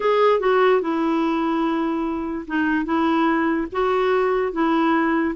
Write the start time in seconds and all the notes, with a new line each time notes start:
0.00 G#4
0.40 F#4
0.81 E4
2.47 D#4
2.85 E4
3.72 F#4
4.52 E4